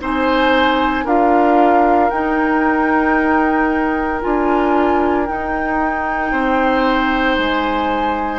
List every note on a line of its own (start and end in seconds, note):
0.00 1.05 C4
0.00 1.05 D#4
0.00 1.05 C5
0.00 1.07 G#5
1.05 2.10 D4
1.05 2.11 F4
1.05 6.31 A#4
1.05 2.10 F5
2.10 4.21 D#4
2.10 4.22 D#4
2.10 4.20 G5
4.21 5.29 D4
4.21 5.26 F4
4.21 5.26 G#5
5.26 8.39 D#4
5.26 6.32 D#4
5.26 7.37 G5
6.32 7.37 C4
6.32 8.39 C5
7.37 8.39 G#3
7.37 8.39 G#5